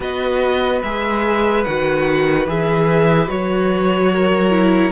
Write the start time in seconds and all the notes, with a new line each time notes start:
0.00 B3 F#4 B4 D#5
0.82 G#3 G#4 E5
1.64 D#3 F#4 F#5
2.46 E3 G#4 E5
3.27 F#3 F#4 C#5
4.12 A#4
4.50 E4